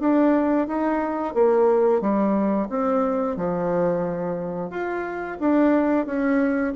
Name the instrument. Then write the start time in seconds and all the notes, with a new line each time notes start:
bassoon
0.00 D4
0.67 D#4
1.35 A#3
2.01 G3
2.69 C4
3.37 F3
4.70 F4
5.40 D4
6.06 C#4